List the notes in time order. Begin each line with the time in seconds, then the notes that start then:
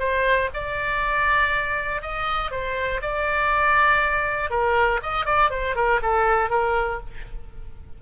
0.00 C5
0.54 D5
2.02 D#5
2.52 C5
3.02 D5
4.50 A#4
5.03 D#5
5.26 D5
5.51 C5
5.76 A#4
6.02 A4
6.50 A#4